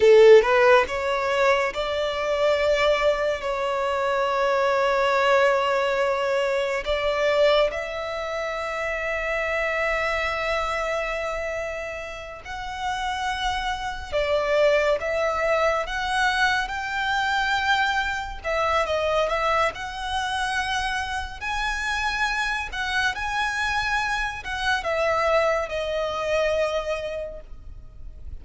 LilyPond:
\new Staff \with { instrumentName = "violin" } { \time 4/4 \tempo 4 = 70 a'8 b'8 cis''4 d''2 | cis''1 | d''4 e''2.~ | e''2~ e''8 fis''4.~ |
fis''8 d''4 e''4 fis''4 g''8~ | g''4. e''8 dis''8 e''8 fis''4~ | fis''4 gis''4. fis''8 gis''4~ | gis''8 fis''8 e''4 dis''2 | }